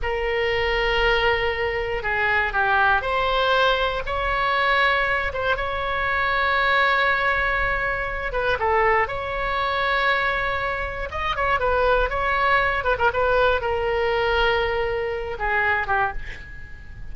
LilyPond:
\new Staff \with { instrumentName = "oboe" } { \time 4/4 \tempo 4 = 119 ais'1 | gis'4 g'4 c''2 | cis''2~ cis''8 c''8 cis''4~ | cis''1~ |
cis''8 b'8 a'4 cis''2~ | cis''2 dis''8 cis''8 b'4 | cis''4. b'16 ais'16 b'4 ais'4~ | ais'2~ ais'8 gis'4 g'8 | }